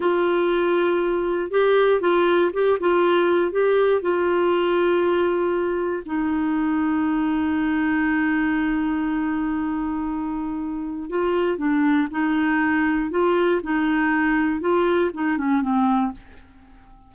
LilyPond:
\new Staff \with { instrumentName = "clarinet" } { \time 4/4 \tempo 4 = 119 f'2. g'4 | f'4 g'8 f'4. g'4 | f'1 | dis'1~ |
dis'1~ | dis'2 f'4 d'4 | dis'2 f'4 dis'4~ | dis'4 f'4 dis'8 cis'8 c'4 | }